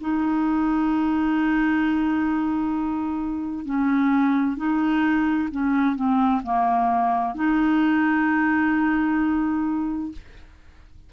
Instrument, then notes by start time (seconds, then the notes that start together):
clarinet
0.00 D#4
3.65 C#4
4.57 D#4
5.51 C#4
5.95 C4
6.43 A#3
7.35 D#4